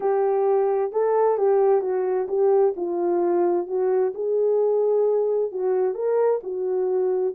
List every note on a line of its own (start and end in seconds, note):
0.00 0.91 G4
0.92 1.37 A4
1.37 1.81 G4
1.81 2.27 F#4
2.28 2.74 G4
2.76 3.67 F4
3.67 4.12 F#4
4.14 5.51 G#4
5.51 5.94 F#4
5.94 6.40 A#4
6.43 7.34 F#4